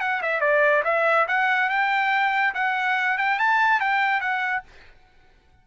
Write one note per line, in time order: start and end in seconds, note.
0.00 0.21 F#5
0.22 0.41 E5
0.41 0.83 D5
0.84 1.26 E5
1.28 1.69 F#5
1.69 2.54 G5
2.54 3.17 F#5
3.18 3.39 G5
3.39 3.80 A5
3.80 4.21 G5
4.21 4.63 F#5